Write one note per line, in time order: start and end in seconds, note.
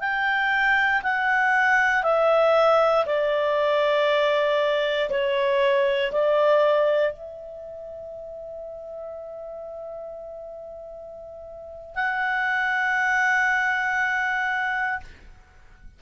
0.00 1.02 G5
1.03 2.03 F#5
2.03 3.05 E5
3.06 5.09 D5
5.10 6.12 C#5
6.12 7.13 D5
7.13 11.95 E5
11.95 15.00 F#5